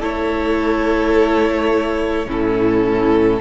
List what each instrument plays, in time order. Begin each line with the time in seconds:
0.00 cello A3, viola E4, violin A4 C#5
2.27 cello A2, viola C#4, violin E4 A4